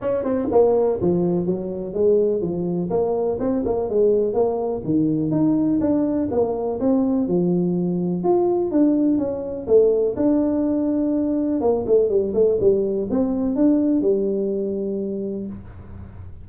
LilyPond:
\new Staff \with { instrumentName = "tuba" } { \time 4/4 \tempo 4 = 124 cis'8 c'8 ais4 f4 fis4 | gis4 f4 ais4 c'8 ais8 | gis4 ais4 dis4 dis'4 | d'4 ais4 c'4 f4~ |
f4 f'4 d'4 cis'4 | a4 d'2. | ais8 a8 g8 a8 g4 c'4 | d'4 g2. | }